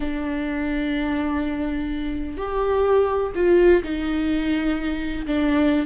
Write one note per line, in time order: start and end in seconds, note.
0.00 2.37 D4
2.37 3.32 G4
3.35 3.82 F4
3.83 5.26 D#4
5.26 5.85 D4